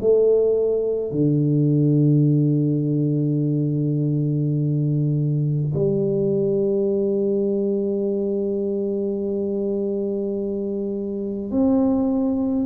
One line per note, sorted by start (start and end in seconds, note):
0.00 1.11 A3
1.11 5.73 D3
5.74 11.51 G3
11.51 12.66 C4